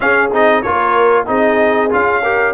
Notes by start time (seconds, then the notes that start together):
0.00 C#4 G#4 F5
0.32 C4 D#4 D#5
0.62 A#3 F4 A#4 C#5
1.26 C4 D#4 G#4 D#5
1.90 C#4 F4 F5
2.22 G4 A#4